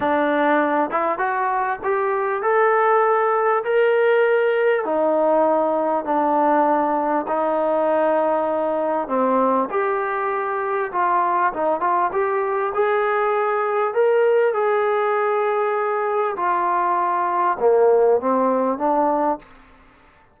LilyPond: \new Staff \with { instrumentName = "trombone" } { \time 4/4 \tempo 4 = 99 d'4. e'8 fis'4 g'4 | a'2 ais'2 | dis'2 d'2 | dis'2. c'4 |
g'2 f'4 dis'8 f'8 | g'4 gis'2 ais'4 | gis'2. f'4~ | f'4 ais4 c'4 d'4 | }